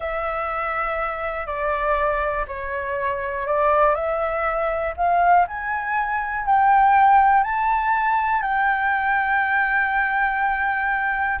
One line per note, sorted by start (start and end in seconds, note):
0.00 1.46 E5
1.46 2.45 D5
2.47 3.46 C#5
3.46 3.94 D5
3.94 4.94 E5
4.97 5.46 F5
5.47 6.45 G#5
6.45 7.43 G5
7.43 8.41 A5
8.41 11.39 G5